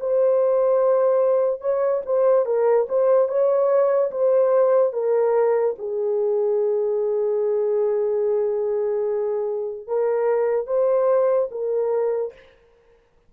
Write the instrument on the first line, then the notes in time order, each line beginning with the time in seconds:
horn
0.00 C5
1.61 C#5
2.06 C5
2.46 A#4
2.89 C5
3.29 C#5
4.12 C5
4.93 A#4
5.79 G#4
9.88 A#4
10.67 C5
11.51 A#4